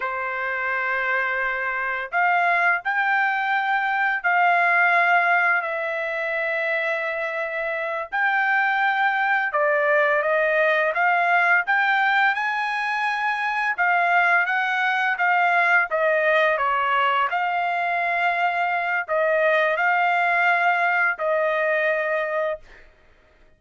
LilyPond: \new Staff \with { instrumentName = "trumpet" } { \time 4/4 \tempo 4 = 85 c''2. f''4 | g''2 f''2 | e''2.~ e''8 g''8~ | g''4. d''4 dis''4 f''8~ |
f''8 g''4 gis''2 f''8~ | f''8 fis''4 f''4 dis''4 cis''8~ | cis''8 f''2~ f''8 dis''4 | f''2 dis''2 | }